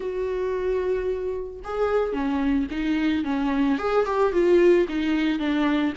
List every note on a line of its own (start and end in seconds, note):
0.00 1.59 F#4
1.64 2.12 G#4
2.12 2.66 C#4
2.70 3.24 D#4
3.24 3.78 C#4
3.78 4.05 G#4
4.05 4.32 G4
4.32 4.86 F4
4.88 5.39 D#4
5.39 5.93 D4